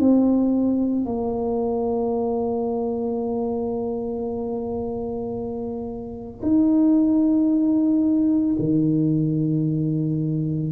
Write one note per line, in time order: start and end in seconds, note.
0.00 1.06 C4
1.06 6.41 A#3
6.42 8.57 D#4
8.59 10.72 D#3